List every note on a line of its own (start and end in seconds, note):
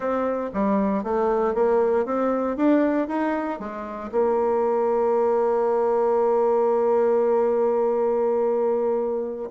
0.00 0.50 C4
0.53 1.03 G3
1.03 1.54 A3
1.54 2.05 A#3
2.05 2.56 C4
2.56 3.08 D4
3.08 3.59 D#4
3.59 4.10 G#3
4.11 9.50 A#3